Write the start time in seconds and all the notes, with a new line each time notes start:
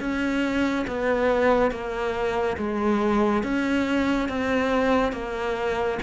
0.00 C#4
0.87 B3
1.71 A#3
2.58 G#3
3.43 C#4
4.29 C4
5.13 A#3